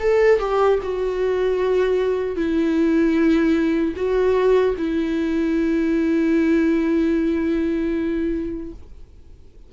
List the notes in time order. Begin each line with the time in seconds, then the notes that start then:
0.00 A4
0.39 G4
0.83 F#4
2.36 E4
3.96 F#4
4.78 E4